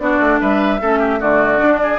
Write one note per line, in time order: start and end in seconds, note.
0.00 0.20 B3
0.00 0.80 D4
0.00 0.41 F#4
0.00 0.40 D5
0.20 0.40 A3
0.41 0.81 G3
0.41 0.81 B4
0.41 1.21 E5
0.81 1.21 A3
0.81 1.20 C#4
0.81 1.00 A4
1.00 1.20 G4
1.20 1.61 D3
1.20 1.58 A3
1.20 1.80 F#4
1.20 1.99 D5
1.58 1.98 D4
1.58 1.99 D4
1.83 1.99 G#4